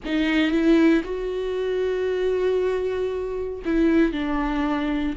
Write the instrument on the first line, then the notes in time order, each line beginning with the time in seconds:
viola
0.05 D#4
0.51 E4
1.03 F#4
3.65 E4
4.12 D4